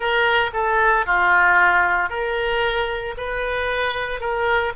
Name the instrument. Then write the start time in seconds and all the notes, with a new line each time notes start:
oboe
0.00 A#4
0.53 A4
1.06 F4
2.09 A#4
3.17 B4
4.20 A#4